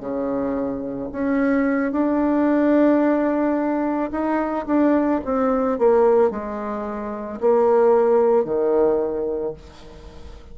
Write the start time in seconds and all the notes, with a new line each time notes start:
0.00 C#3
1.12 C#4
1.92 D4
4.12 D#4
4.67 D4
5.25 C4
5.79 A#3
6.31 G#3
7.40 A#3
8.44 D#3